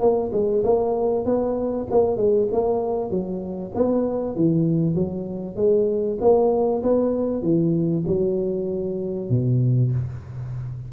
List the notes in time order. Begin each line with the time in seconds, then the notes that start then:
0.00 A#3
0.32 G#3
0.64 A#3
1.25 B3
1.91 A#3
2.17 G#3
2.52 A#3
3.10 F#3
3.75 B3
4.36 E3
4.95 F#3
5.56 G#3
6.21 A#3
6.83 B3
7.43 E3
8.07 F#3
9.30 B2